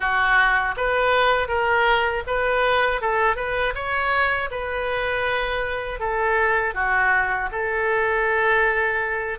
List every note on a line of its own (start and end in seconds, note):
0.00 0.75 F#4
0.76 1.48 B4
1.48 2.23 A#4
2.27 3.01 B4
3.01 3.36 A4
3.36 3.73 B4
3.74 4.49 C#5
4.50 5.99 B4
5.99 6.74 A4
6.74 7.49 F#4
7.51 9.38 A4